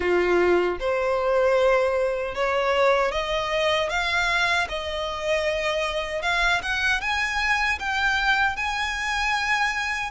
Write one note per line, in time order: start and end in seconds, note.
0.00 0.78 F4
0.79 2.34 C5
2.34 3.11 C#5
3.11 3.89 D#5
3.89 4.67 F5
4.69 6.22 D#5
6.22 6.61 F5
6.62 7.01 F#5
7.01 7.79 G#5
7.79 8.56 G5
8.56 10.11 G#5